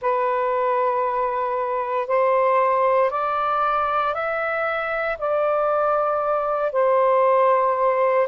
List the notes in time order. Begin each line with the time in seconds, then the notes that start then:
0.01 B4
2.07 C5
3.10 D5
4.14 E5
5.18 D5
6.72 C5